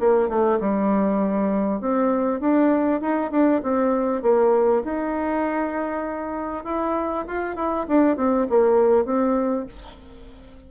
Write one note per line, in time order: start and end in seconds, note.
0.00 0.29 A#3
0.29 0.59 A3
0.60 1.81 G3
1.81 2.40 C4
2.40 3.01 D4
3.01 3.31 D#4
3.31 3.61 D4
3.63 4.22 C4
4.22 4.83 A#3
4.84 6.64 D#4
6.64 7.25 E4
7.28 7.56 F4
7.56 7.86 E4
7.88 8.17 D4
8.17 8.47 C4
8.49 9.05 A#3
9.05 9.66 C4